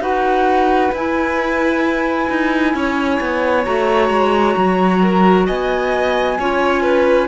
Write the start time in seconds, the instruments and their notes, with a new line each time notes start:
0.00 cello D#4, clarinet F#4, violin B4, flute F#5
0.93 cello E4, clarinet E4, flute G#5
2.30 cello D#4
2.74 cello C#4, violin C#5
3.21 cello B3
3.65 cello A3, clarinet F#4, flute A#5
4.10 cello G#3
4.57 cello F#3
5.02 violin A#4
5.47 cello B3, violin D#5, flute G#5
6.39 cello C#4, clarinet F4, violin C#5
6.83 violin B4